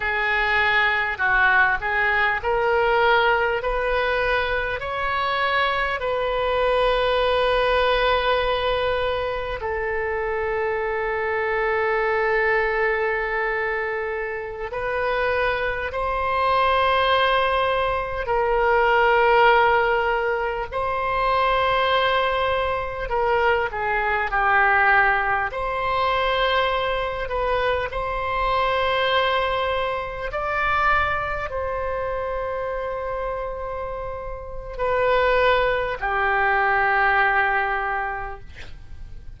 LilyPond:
\new Staff \with { instrumentName = "oboe" } { \time 4/4 \tempo 4 = 50 gis'4 fis'8 gis'8 ais'4 b'4 | cis''4 b'2. | a'1~ | a'16 b'4 c''2 ais'8.~ |
ais'4~ ais'16 c''2 ais'8 gis'16~ | gis'16 g'4 c''4. b'8 c''8.~ | c''4~ c''16 d''4 c''4.~ c''16~ | c''4 b'4 g'2 | }